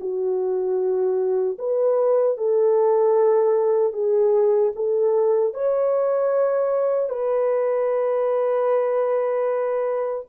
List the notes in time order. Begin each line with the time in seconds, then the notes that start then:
0.00 F#4
1.59 B4
2.37 A4
3.93 G#4
4.75 A4
5.54 C#5
7.09 B4